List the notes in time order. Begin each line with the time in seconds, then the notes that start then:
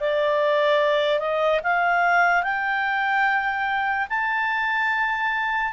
0.00 D5
1.19 D#5
1.63 F5
2.42 G5
4.09 A5